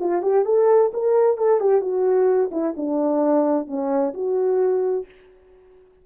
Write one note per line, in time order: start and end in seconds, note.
0.00 0.22 F4
0.22 0.45 G4
0.45 0.91 A4
0.93 1.38 A#4
1.38 1.60 A4
1.60 1.81 G4
1.81 2.50 F#4
2.52 2.75 E4
2.77 3.67 D4
3.67 4.13 C#4
4.14 5.06 F#4